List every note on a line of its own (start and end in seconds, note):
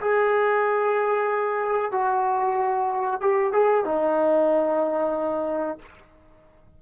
0.00 1.91 G#4
1.91 3.21 F#4
3.21 3.52 G4
3.52 3.84 G#4
3.84 5.78 D#4